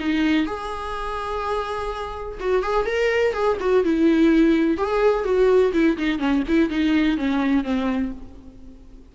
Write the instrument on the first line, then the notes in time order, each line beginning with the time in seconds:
viola
0.00 D#4
0.46 G#4
2.40 F#4
2.63 G#4
2.86 A#4
3.33 G#4
3.60 F#4
3.84 E4
4.77 G#4
5.24 F#4
5.73 E4
5.97 D#4
6.19 C#4
6.48 E4
6.70 D#4
7.17 C#4
7.64 C4